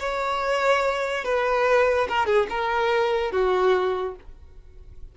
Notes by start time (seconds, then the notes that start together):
0.00 C#5
1.24 B4
2.09 A#4
2.26 G#4
2.50 A#4
3.32 F#4